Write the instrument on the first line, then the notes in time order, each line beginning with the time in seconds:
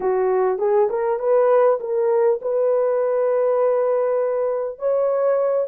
horn
0.00 F#4
0.58 G#4
0.89 A#4
1.19 B4
1.79 A#4
2.41 B4
4.78 C#5